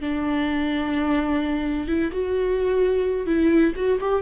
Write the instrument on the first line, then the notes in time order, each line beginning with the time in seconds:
viola
0.00 D4
1.87 E4
2.11 F#4
3.26 E4
3.75 F#4
4.00 G4